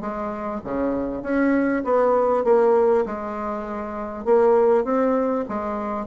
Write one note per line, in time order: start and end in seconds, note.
0.00 0.61 G#3
0.64 1.22 C#3
1.22 1.83 C#4
1.84 2.44 B3
2.44 3.05 A#3
3.06 4.25 G#3
4.25 4.84 A#3
4.84 5.44 C4
5.48 6.06 G#3